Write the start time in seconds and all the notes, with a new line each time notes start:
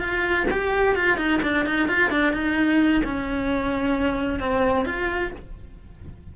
0.00 F4
0.51 G4
0.95 F4
1.17 D#4
1.42 D4
1.65 D#4
1.88 F4
2.10 D4
2.33 D#4
3.04 C#4
4.40 C4
4.85 F4